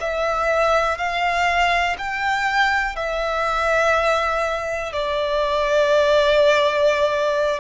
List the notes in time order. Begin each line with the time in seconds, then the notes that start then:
0.00 E5
0.98 F5
1.98 G5
2.96 E5
4.93 D5